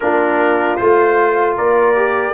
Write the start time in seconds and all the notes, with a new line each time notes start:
0.00 A#3 D4 F4 A#4
0.76 A3 F4 C5
1.56 A#3 A#4 D5
1.95 G4